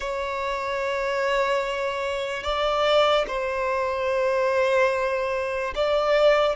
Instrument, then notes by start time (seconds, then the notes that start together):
violin
0.00 C#5
2.43 D5
3.27 C5
5.75 D5